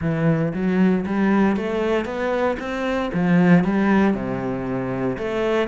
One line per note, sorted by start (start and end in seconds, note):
0.01 0.53 E3
0.53 1.05 F#3
1.06 1.56 G3
1.56 2.05 A3
2.05 2.57 B3
2.59 3.11 C4
3.13 3.63 F3
3.63 4.14 G3
4.14 5.17 C3
5.17 5.68 A3